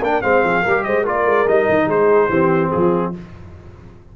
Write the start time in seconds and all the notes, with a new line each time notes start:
0.00 A#3 D4 A#4 G5
0.22 G#3 C4 C5 F5
0.43 F3 G#4
0.62 G3 A#4
0.69 G4
0.84 G#3 C5 D#5
1.03 A#3 F4 A#4 D5
1.25 G#3
1.47 G3 D#4 D#5
1.69 D#3
1.87 G#3 G#4 C5
2.29 E3 C4 G4
2.71 F3 F4 G#4